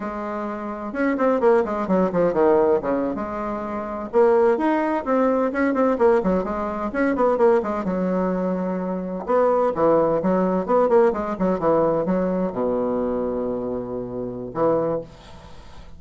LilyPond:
\new Staff \with { instrumentName = "bassoon" } { \time 4/4 \tempo 4 = 128 gis2 cis'8 c'8 ais8 gis8 | fis8 f8 dis4 cis8. gis4~ gis16~ | gis8. ais4 dis'4 c'4 cis'16~ | cis'16 c'8 ais8 fis8 gis4 cis'8 b8 ais16~ |
ais16 gis8 fis2. b16~ | b8. e4 fis4 b8 ais8 gis16~ | gis16 fis8 e4 fis4 b,4~ b,16~ | b,2. e4 | }